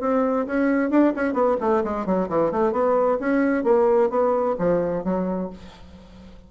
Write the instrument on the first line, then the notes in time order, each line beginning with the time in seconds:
bassoon
0.00 C4
0.46 C#4
0.90 D4
1.16 C#4
1.33 B3
1.61 A3
1.84 G#3
2.05 F#3
2.29 E3
2.51 A3
2.72 B3
3.20 C#4
3.64 A#3
4.09 B3
4.58 F3
5.04 F#3